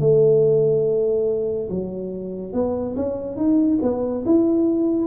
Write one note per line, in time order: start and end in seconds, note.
0.00 1.69 A3
1.70 2.53 F#3
2.53 2.95 B3
2.96 3.36 C#4
3.36 3.78 D#4
3.82 4.24 B3
4.25 5.07 E4